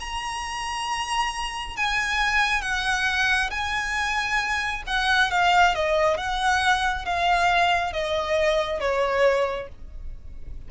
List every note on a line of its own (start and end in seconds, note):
0.00 1.76 A#5
1.76 2.61 G#5
2.61 3.50 F#5
3.50 4.82 G#5
4.87 5.31 F#5
5.31 5.75 F5
5.75 6.17 D#5
6.17 7.05 F#5
7.05 7.93 F5
7.93 8.80 D#5
8.80 9.68 C#5